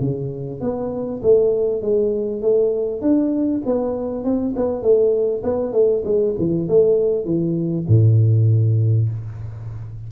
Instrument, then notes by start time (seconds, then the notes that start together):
tuba
0.00 C#3
0.60 B3
1.22 A3
1.82 G#3
2.42 A3
3.01 D4
3.65 B3
4.24 C4
4.56 B3
4.82 A3
5.43 B3
5.72 A3
6.04 G#3
6.38 E3
6.68 A3
7.25 E3
7.87 A2